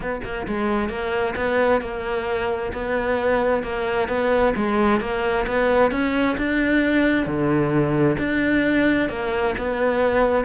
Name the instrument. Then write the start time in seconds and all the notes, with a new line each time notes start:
cello
0.00 B3
0.24 A#3
0.47 G#3
0.89 A#3
1.35 B3
1.81 A#3
2.72 B3
3.63 A#3
4.08 B3
4.56 G#3
5.00 A#3
5.46 B3
5.91 C#4
6.37 D4
7.26 D3
8.18 D4
9.09 A#3
9.57 B3